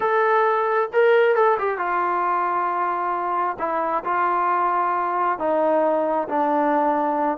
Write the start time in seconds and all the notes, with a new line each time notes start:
0.00 A4
0.92 A#4
1.35 A4
1.58 G4
1.78 F4
3.58 E4
4.04 F4
5.38 D#4
6.28 D4